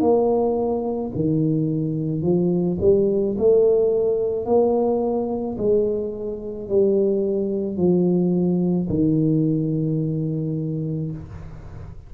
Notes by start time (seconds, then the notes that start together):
0.00 A#3
1.15 D#3
2.22 F3
2.80 G3
3.37 A3
4.45 A#3
5.57 G#3
6.68 G3
7.76 F3
8.89 D#3